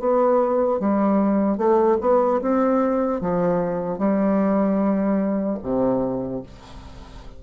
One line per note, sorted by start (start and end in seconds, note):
0.00 0.80 B3
0.80 1.58 G3
1.58 1.98 A3
2.01 2.41 B3
2.42 3.21 C4
3.21 3.99 F3
3.99 5.59 G3
5.63 6.43 C3